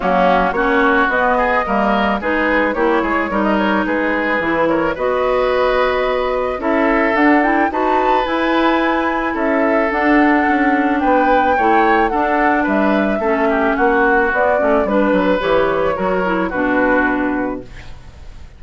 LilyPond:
<<
  \new Staff \with { instrumentName = "flute" } { \time 4/4 \tempo 4 = 109 fis'4 cis''4 dis''2 | b'4 cis''4~ cis''16 dis''16 cis''8 b'4~ | b'8 cis''8 dis''2. | e''4 fis''8 g''8 a''4 gis''4~ |
gis''4 e''4 fis''2 | g''2 fis''4 e''4~ | e''4 fis''4 d''4 b'4 | cis''2 b'2 | }
  \new Staff \with { instrumentName = "oboe" } { \time 4/4 cis'4 fis'4. gis'8 ais'4 | gis'4 g'8 gis'8 ais'4 gis'4~ | gis'8 ais'8 b'2. | a'2 b'2~ |
b'4 a'2. | b'4 cis''4 a'4 b'4 | a'8 g'8 fis'2 b'4~ | b'4 ais'4 fis'2 | }
  \new Staff \with { instrumentName = "clarinet" } { \time 4/4 ais4 cis'4 b4 ais4 | dis'4 e'4 dis'2 | e'4 fis'2. | e'4 d'8 e'8 fis'4 e'4~ |
e'2 d'2~ | d'4 e'4 d'2 | cis'2 b8 cis'8 d'4 | g'4 fis'8 e'8 d'2 | }
  \new Staff \with { instrumentName = "bassoon" } { \time 4/4 fis4 ais4 b4 g4 | gis4 ais8 gis8 g4 gis4 | e4 b2. | cis'4 d'4 dis'4 e'4~ |
e'4 cis'4 d'4 cis'4 | b4 a4 d'4 g4 | a4 ais4 b8 a8 g8 fis8 | e4 fis4 b,2 | }
>>